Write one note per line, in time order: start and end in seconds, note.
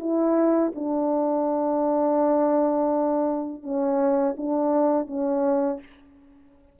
0.00 0.72 E4
0.75 3.63 D4
3.63 4.35 C#4
4.37 5.07 D4
5.07 5.79 C#4